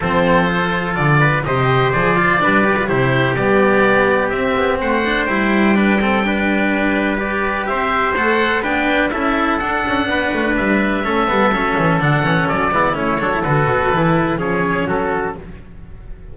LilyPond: <<
  \new Staff \with { instrumentName = "oboe" } { \time 4/4 \tempo 4 = 125 c''2 d''4 dis''4 | d''2 c''4 d''4~ | d''4 e''4 fis''4 g''4~ | g''2. d''4 |
e''4 fis''4 g''4 e''4 | fis''2 e''2~ | e''4 fis''4 d''4 cis''4 | b'2 cis''4 a'4 | }
  \new Staff \with { instrumentName = "trumpet" } { \time 4/4 a'2~ a'8 b'8 c''4~ | c''4 b'4 g'2~ | g'2 c''2 | b'8 a'8 b'2. |
c''2 b'4 a'4~ | a'4 b'2 a'4~ | a'2~ a'8 e'4 a'8~ | a'2 gis'4 fis'4 | }
  \new Staff \with { instrumentName = "cello" } { \time 4/4 c'4 f'2 g'4 | gis'8 f'8 d'8 g'16 f'16 e'4 b4~ | b4 c'4. d'8 e'4 | d'8 c'8 d'2 g'4~ |
g'4 a'4 d'4 e'4 | d'2. cis'8 b8 | cis'4 d'8 cis'4 b8 cis'8 d'16 e'16 | fis'4 e'4 cis'2 | }
  \new Staff \with { instrumentName = "double bass" } { \time 4/4 f2 d4 c4 | f4 g4 c4 g4~ | g4 c'8 b8 a4 g4~ | g1 |
c'4 a4 b4 cis'4 | d'8 cis'8 b8 a8 g4 a8 g8 | fis8 e8 d8 e8 fis8 gis8 a8 fis8 | d8 b,8 e4 f4 fis4 | }
>>